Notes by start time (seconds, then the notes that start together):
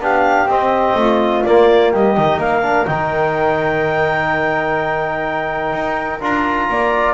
0.00 B3 D4 G4 F5
0.46 C4 D#5
0.95 A3 F4
1.44 A#3 D5
1.92 G3 G4 D#5
2.16 D#3 D#4
2.37 A#3 A#4 F5
2.62 D4
2.86 D#3 D#4 G5
5.73 D#4
6.21 D4 F4 A#5
6.69 A#3 D5